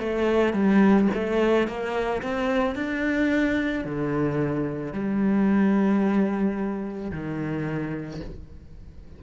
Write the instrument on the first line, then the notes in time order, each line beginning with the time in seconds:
cello
0.00 A3
0.54 G3
1.14 A3
1.68 A#3
2.23 C4
2.76 D4
3.85 D3
4.93 G3
7.12 D#3